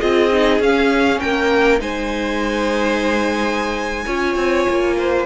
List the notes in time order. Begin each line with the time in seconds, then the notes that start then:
0.00 C4 F4 G#4 D#5
0.31 D#4
0.60 C#4 F5
1.20 A#3 A#4 G5
1.79 G#3 D#4 C5 G#5
4.05 C#4 F4 C#5
4.35 C4
4.69 A#3
4.98 C5